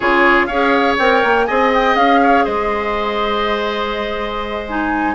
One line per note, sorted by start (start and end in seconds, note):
0.00 0.48 C#3
0.00 0.50 F4
0.00 0.46 G#4
0.00 0.45 C#5
0.45 0.97 C#4
0.45 0.99 G#4
0.45 1.46 C#5
0.45 0.94 F5
0.98 1.23 C4
0.98 1.48 A#4
0.98 1.46 G5
1.23 1.48 A#3
1.46 1.95 C4
1.46 4.67 G#4
1.46 2.21 D#5
1.46 1.71 G#5
1.74 1.96 G5
1.95 2.44 C#4
1.95 2.45 F5
2.22 2.44 C#5
2.44 5.15 G#3
2.44 5.15 C5
2.44 4.66 D#5
4.67 5.15 D#4
4.67 5.15 G#5